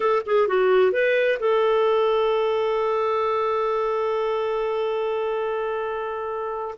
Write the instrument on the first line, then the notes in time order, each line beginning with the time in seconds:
clarinet
0.00 A4
0.26 G#4
0.47 F#4
0.92 B4
1.39 A4